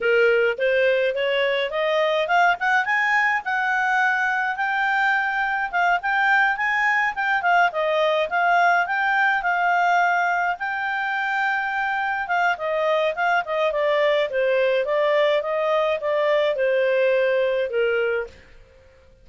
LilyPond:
\new Staff \with { instrumentName = "clarinet" } { \time 4/4 \tempo 4 = 105 ais'4 c''4 cis''4 dis''4 | f''8 fis''8 gis''4 fis''2 | g''2 f''8 g''4 gis''8~ | gis''8 g''8 f''8 dis''4 f''4 g''8~ |
g''8 f''2 g''4.~ | g''4. f''8 dis''4 f''8 dis''8 | d''4 c''4 d''4 dis''4 | d''4 c''2 ais'4 | }